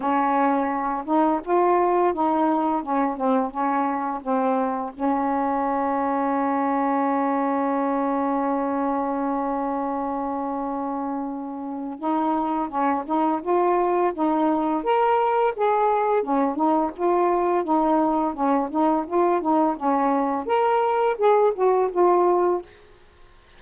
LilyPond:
\new Staff \with { instrumentName = "saxophone" } { \time 4/4 \tempo 4 = 85 cis'4. dis'8 f'4 dis'4 | cis'8 c'8 cis'4 c'4 cis'4~ | cis'1~ | cis'1~ |
cis'4 dis'4 cis'8 dis'8 f'4 | dis'4 ais'4 gis'4 cis'8 dis'8 | f'4 dis'4 cis'8 dis'8 f'8 dis'8 | cis'4 ais'4 gis'8 fis'8 f'4 | }